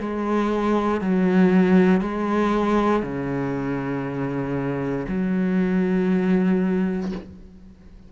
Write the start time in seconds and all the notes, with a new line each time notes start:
0.00 G#3
1.02 F#3
2.02 G#3
3.03 C#3
5.09 F#3